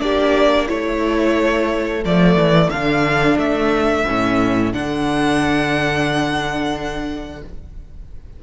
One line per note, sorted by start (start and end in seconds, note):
0.00 0.69 A#3
0.00 0.68 D4
0.00 0.67 G4
0.00 0.67 D5
0.67 2.04 A3
0.67 2.02 E4
0.67 7.42 A4
0.67 2.03 C#5
2.04 2.35 F3
2.04 2.72 A3
2.04 2.70 D5
2.35 2.69 E3
2.70 3.36 D3
2.70 4.06 D4
2.70 3.37 F5
3.36 4.04 A3
3.36 4.73 E5
4.06 4.73 A2
4.06 4.73 C#4
4.73 7.43 D3
4.73 7.42 D4
4.73 7.42 F#5